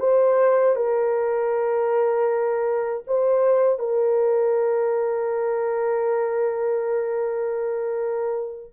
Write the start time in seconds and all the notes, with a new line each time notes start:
0.00 C5
0.76 A#4
3.07 C5
3.79 A#4